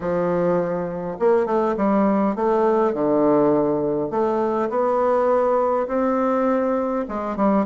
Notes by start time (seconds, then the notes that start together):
0.00 F3
1.19 A#3
1.45 A3
1.76 G3
2.35 A3
2.93 D3
4.10 A3
4.69 B3
5.87 C4
7.08 G#3
7.36 G3